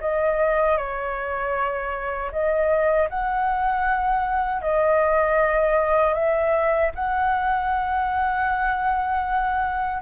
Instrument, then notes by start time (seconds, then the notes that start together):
flute
0.00 D#5
0.77 C#5
2.31 D#5
3.09 F#5
4.62 D#5
6.14 E5
6.95 F#5